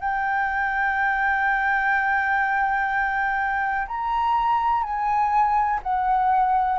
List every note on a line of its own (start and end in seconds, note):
0.00 3.87 G5
3.88 4.83 A#5
4.83 5.80 G#5
5.83 6.79 F#5